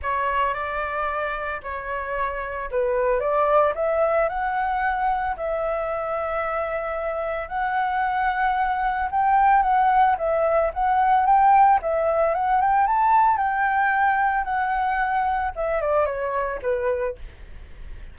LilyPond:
\new Staff \with { instrumentName = "flute" } { \time 4/4 \tempo 4 = 112 cis''4 d''2 cis''4~ | cis''4 b'4 d''4 e''4 | fis''2 e''2~ | e''2 fis''2~ |
fis''4 g''4 fis''4 e''4 | fis''4 g''4 e''4 fis''8 g''8 | a''4 g''2 fis''4~ | fis''4 e''8 d''8 cis''4 b'4 | }